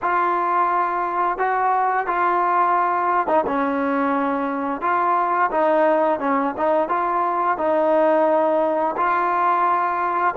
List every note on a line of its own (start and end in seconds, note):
0.02 1.38 F4
1.38 2.06 F#4
2.06 3.27 F4
3.27 3.44 D#4
3.47 4.81 C#4
4.81 5.50 F4
5.51 6.19 D#4
6.19 6.54 C#4
6.57 6.88 D#4
6.88 7.57 F4
7.57 8.95 D#4
8.97 10.34 F4